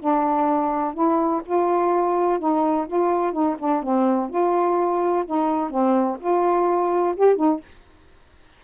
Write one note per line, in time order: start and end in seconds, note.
0.00 0.94 D4
0.94 1.42 E4
1.46 2.39 F4
2.39 2.87 D#4
2.88 3.33 F4
3.33 3.56 D#4
3.59 3.83 D4
3.83 4.30 C4
4.30 5.25 F4
5.26 5.71 D#4
5.71 6.18 C4
6.20 7.16 F4
7.17 7.36 G4
7.36 7.60 D#4